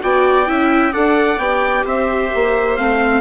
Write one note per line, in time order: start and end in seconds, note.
0.00 0.48 B3
0.00 0.46 F#4
0.00 0.49 D5
0.00 0.94 G5
0.47 0.94 C#4
0.47 0.93 E4
0.47 0.93 E5
0.93 1.38 D4
0.93 1.39 A4
0.93 1.84 D5
0.93 1.39 F#5
1.38 1.84 B3
1.38 2.77 G4
1.38 1.85 G5
1.85 2.31 C4
1.85 3.21 C5
1.85 2.77 E5
2.35 2.78 A#3
2.77 3.21 A3
2.77 3.21 C4
2.77 3.21 F5